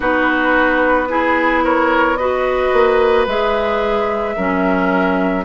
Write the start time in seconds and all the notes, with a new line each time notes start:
0.00 B3 D#4 F#4 B4
1.08 E4 G#4
1.63 A#4 C#5
2.16 F#4 B4 D#5
2.72 A#3
3.26 G#3 G#4 E5
4.36 F#3 C#4 A#4